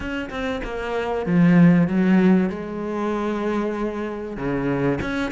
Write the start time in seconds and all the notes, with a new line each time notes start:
0.00 C#4
0.30 C4
0.64 A#3
1.26 F3
1.87 F#3
2.49 G#3
4.36 C#3
5.01 C#4